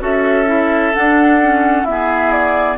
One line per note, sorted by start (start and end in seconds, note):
0.00 0.94 C#4
0.00 0.46 F#4
0.00 1.87 A4
0.00 0.95 E5
0.46 0.92 E4
0.94 1.41 D4
0.94 1.84 D4
0.94 1.86 F#5
1.42 1.87 C#4
1.84 2.78 B3
1.84 2.76 E4
1.84 2.32 E5
1.91 2.78 G#4
2.32 2.78 D5